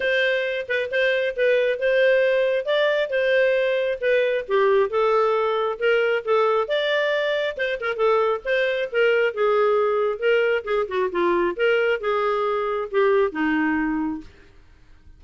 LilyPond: \new Staff \with { instrumentName = "clarinet" } { \time 4/4 \tempo 4 = 135 c''4. b'8 c''4 b'4 | c''2 d''4 c''4~ | c''4 b'4 g'4 a'4~ | a'4 ais'4 a'4 d''4~ |
d''4 c''8 ais'8 a'4 c''4 | ais'4 gis'2 ais'4 | gis'8 fis'8 f'4 ais'4 gis'4~ | gis'4 g'4 dis'2 | }